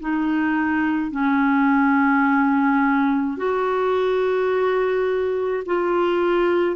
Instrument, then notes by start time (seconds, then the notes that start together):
clarinet
0.00 D#4
1.11 C#4
3.37 F#4
5.66 F4